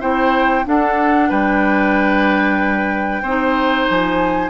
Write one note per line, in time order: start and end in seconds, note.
0.00 0.66 C4
0.00 0.64 E4
0.00 0.65 C5
0.00 0.66 G5
0.64 3.22 D4
0.64 1.30 D4
0.64 1.29 A4
0.64 1.30 F#5
1.29 3.22 G3
1.29 3.22 B4
1.29 3.88 G5
3.22 3.87 C4
3.22 4.50 D#4
3.22 4.50 C5
3.89 4.50 F3
3.89 4.50 G#5